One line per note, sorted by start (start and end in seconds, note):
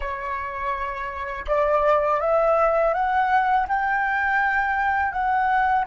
0.00 1.45 C#5
1.47 2.20 D5
2.20 2.93 E5
2.93 3.66 F#5
3.68 5.12 G5
5.12 5.85 F#5